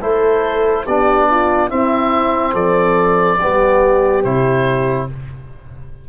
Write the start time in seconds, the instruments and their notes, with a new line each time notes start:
0.00 tuba A3, trombone E4, horn A4, oboe C5
0.87 tuba B3, trombone D4, horn G4, oboe D5
1.31 horn F4
1.70 trombone C4, tuba C4, horn E4, oboe E5
2.54 tuba F3, horn A4, oboe D5
3.40 tuba G3, trombone B3, horn G4
4.24 tuba C3, trombone E4, oboe C5